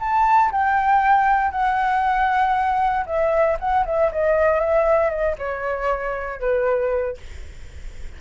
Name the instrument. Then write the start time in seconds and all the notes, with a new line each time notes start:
flute
0.00 A5
0.52 G5
1.52 F#5
3.06 E5
3.60 F#5
3.86 E5
4.12 D#5
4.60 E5
5.10 D#5
5.39 C#5
6.41 B4